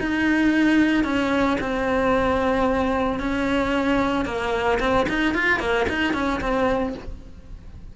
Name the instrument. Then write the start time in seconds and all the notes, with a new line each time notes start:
cello
0.00 D#4
1.05 C#4
1.61 C4
3.20 C#4
4.26 A#3
4.80 C4
5.09 D#4
5.35 F4
5.60 A#3
5.90 D#4
6.14 C#4
6.41 C4